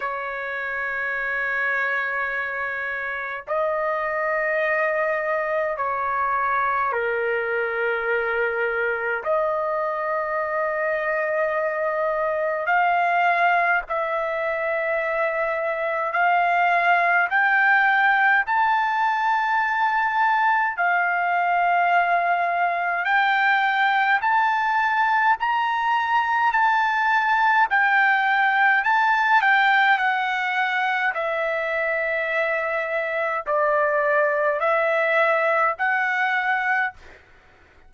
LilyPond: \new Staff \with { instrumentName = "trumpet" } { \time 4/4 \tempo 4 = 52 cis''2. dis''4~ | dis''4 cis''4 ais'2 | dis''2. f''4 | e''2 f''4 g''4 |
a''2 f''2 | g''4 a''4 ais''4 a''4 | g''4 a''8 g''8 fis''4 e''4~ | e''4 d''4 e''4 fis''4 | }